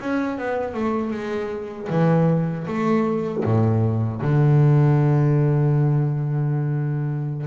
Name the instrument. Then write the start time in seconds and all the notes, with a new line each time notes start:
double bass
0.00 C#4
0.38 B3
0.74 A3
1.11 G#3
1.90 E3
2.67 A3
3.44 A2
4.22 D3